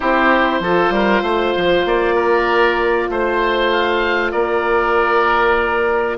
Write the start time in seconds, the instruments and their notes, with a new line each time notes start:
0.00 bassoon C4, saxophone E4, oboe G4 C5
0.59 bassoon F3, saxophone F4, oboe A4
0.90 bassoon G3, oboe A#4
1.22 bassoon A3, oboe C5
1.57 bassoon F3
1.85 bassoon A#3, oboe D5
2.15 oboe A#4
3.09 bassoon A3, oboe C5
3.71 oboe F5
4.31 bassoon A#3, oboe A#4 D5